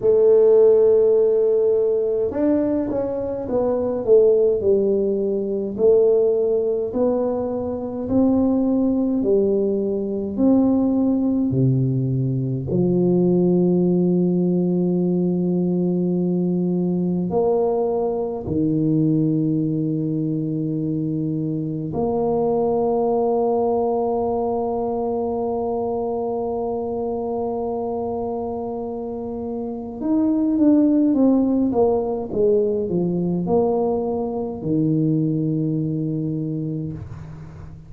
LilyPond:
\new Staff \with { instrumentName = "tuba" } { \time 4/4 \tempo 4 = 52 a2 d'8 cis'8 b8 a8 | g4 a4 b4 c'4 | g4 c'4 c4 f4~ | f2. ais4 |
dis2. ais4~ | ais1~ | ais2 dis'8 d'8 c'8 ais8 | gis8 f8 ais4 dis2 | }